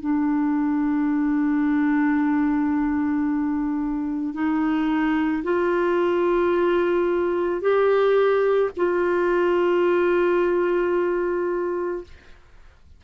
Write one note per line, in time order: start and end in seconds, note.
0.00 4.33 D4
4.33 5.42 D#4
5.43 7.61 F4
7.61 8.70 G4
8.76 12.03 F4